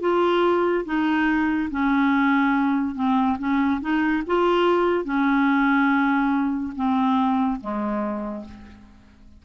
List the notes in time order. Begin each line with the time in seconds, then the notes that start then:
0.00 F4
0.85 D#4
1.70 C#4
2.95 C4
3.38 C#4
3.81 D#4
4.26 F4
5.04 C#4
6.76 C4
7.60 G#3